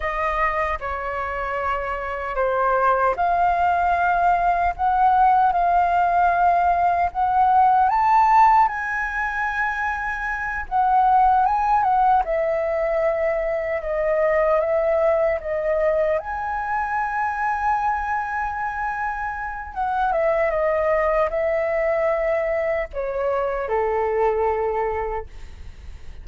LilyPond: \new Staff \with { instrumentName = "flute" } { \time 4/4 \tempo 4 = 76 dis''4 cis''2 c''4 | f''2 fis''4 f''4~ | f''4 fis''4 a''4 gis''4~ | gis''4. fis''4 gis''8 fis''8 e''8~ |
e''4. dis''4 e''4 dis''8~ | dis''8 gis''2.~ gis''8~ | gis''4 fis''8 e''8 dis''4 e''4~ | e''4 cis''4 a'2 | }